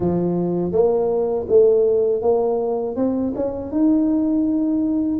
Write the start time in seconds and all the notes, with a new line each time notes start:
0.00 F3
0.72 A#3
1.48 A3
2.22 A#3
2.96 C4
3.35 C#4
3.71 D#4